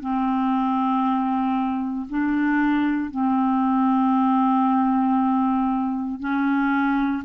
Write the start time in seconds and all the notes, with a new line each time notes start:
0.00 C4
2.09 D4
3.11 C4
6.20 C#4